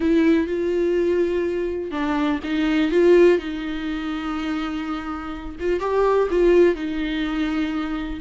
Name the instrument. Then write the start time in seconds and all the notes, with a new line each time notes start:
viola
0.00 E4
0.47 F4
1.91 D4
2.43 D#4
2.91 F4
3.38 D#4
5.59 F4
5.80 G4
6.30 F4
6.75 D#4